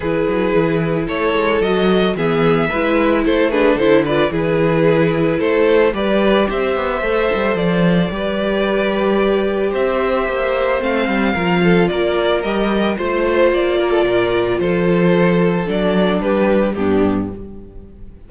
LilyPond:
<<
  \new Staff \with { instrumentName = "violin" } { \time 4/4 \tempo 4 = 111 b'2 cis''4 dis''4 | e''2 c''8 b'8 c''8 d''8 | b'2 c''4 d''4 | e''2 d''2~ |
d''2 e''2 | f''2 d''4 dis''4 | c''4 d''2 c''4~ | c''4 d''4 b'4 g'4 | }
  \new Staff \with { instrumentName = "violin" } { \time 4/4 gis'2 a'2 | gis'4 b'4 a'8 gis'8 a'8 b'8 | gis'2 a'4 b'4 | c''2. b'4~ |
b'2 c''2~ | c''4 ais'8 a'8 ais'2 | c''4. ais'16 a'16 ais'4 a'4~ | a'2 g'4 d'4 | }
  \new Staff \with { instrumentName = "viola" } { \time 4/4 e'2. fis'4 | b4 e'4. d'8 e'8 f'8 | e'2. g'4~ | g'4 a'2 g'4~ |
g'1 | c'4 f'2 g'4 | f'1~ | f'4 d'2 b4 | }
  \new Staff \with { instrumentName = "cello" } { \time 4/4 e8 fis8 e4 a8 gis8 fis4 | e4 gis4 a4 d4 | e2 a4 g4 | c'8 b8 a8 g8 f4 g4~ |
g2 c'4 ais4 | a8 g8 f4 ais4 g4 | a4 ais4 ais,4 f4~ | f4 fis4 g4 g,4 | }
>>